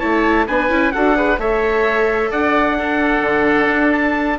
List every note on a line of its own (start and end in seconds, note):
0.00 0.48 A3
0.00 0.47 E4
0.00 0.46 C#5
0.00 0.47 A5
0.48 0.69 B3
0.48 0.70 D4
0.48 0.94 B4
0.48 0.92 G#5
0.69 0.92 C#4
0.69 0.93 E4
0.92 1.39 D4
0.92 1.16 F#4
0.92 1.17 A4
0.92 1.38 F#5
1.16 1.39 G#4
1.16 1.40 B4
1.39 2.31 A3
1.39 2.78 A4
1.39 2.31 C#5
1.39 2.32 E5
2.31 3.21 D4
2.31 2.77 D5
2.31 3.93 F#5
2.78 4.39 D4
2.78 4.39 A4
3.21 3.67 D3
3.72 4.39 D4
3.93 4.39 A5